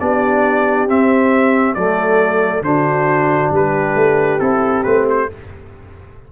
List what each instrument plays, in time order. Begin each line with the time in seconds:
0.00 tuba B3, trombone D4, horn G4, trumpet D5
0.87 tuba C4, trombone C4, trumpet E5
1.74 tuba F#3, trombone A3, horn A4, trumpet D5
2.61 tuba D3, trombone D4, horn F#4, trumpet C5
3.51 tuba G3, horn G4, trumpet B4
3.95 tuba A3
4.40 tuba C4, trombone E4, trumpet A4
4.84 tuba A3, trombone C4, trumpet B4
5.10 trumpet C5